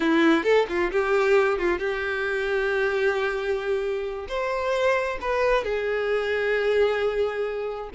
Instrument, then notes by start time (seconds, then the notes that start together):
violin
0.00 E4
0.43 A4
0.68 F4
0.91 G4
1.58 F4
1.78 G4
4.28 C5
5.21 B4
5.64 G#4